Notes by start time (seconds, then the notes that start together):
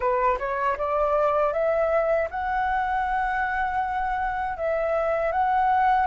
0.00 B4
0.38 C#5
0.77 D5
1.52 E5
2.30 F#5
4.57 E5
5.32 F#5